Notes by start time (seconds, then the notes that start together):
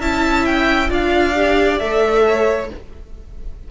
0.00 C#4 E4 E5 A5
0.46 G5
0.89 D4 F4 D5 F5
1.36 G4
1.79 A3 A4 E5
2.26 C#5